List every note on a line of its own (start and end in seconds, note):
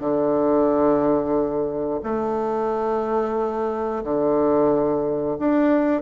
0.00 2.00 D3
2.03 4.03 A3
4.04 5.37 D3
5.39 6.01 D4